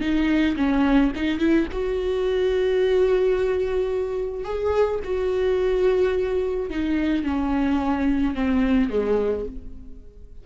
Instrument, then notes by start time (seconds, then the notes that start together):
viola
0.00 D#4
0.56 C#4
1.15 D#4
1.39 E4
1.72 F#4
4.44 G#4
5.04 F#4
6.70 D#4
7.24 C#4
8.35 C4
8.90 G#3